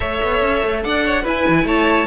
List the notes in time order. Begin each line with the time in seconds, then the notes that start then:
0.00 A3 A4 C#5 E5
0.22 B3
0.41 C#4
0.63 A3
0.83 D4 D5 F#5
1.05 C#5
1.22 E4 B4 G#5
1.48 E3
1.63 A3 C#5 A5